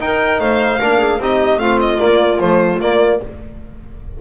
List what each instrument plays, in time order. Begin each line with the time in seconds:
0.00 trombone D#4, double bass D#4, clarinet A#4, violin G5
0.40 double bass A3, clarinet C5, violin F5
0.80 double bass A#3, trombone D4, clarinet A#4
0.99 clarinet G#4
1.18 double bass C4, trombone D#4, clarinet G4, violin D#5
1.58 double bass A3, trombone C4, clarinet F4, violin F5
1.81 violin D#5
1.98 trombone A#3, double bass A#3, violin D5
2.40 trombone F3, double bass A3, violin C5
2.80 double bass A#3, trombone A#3, violin D5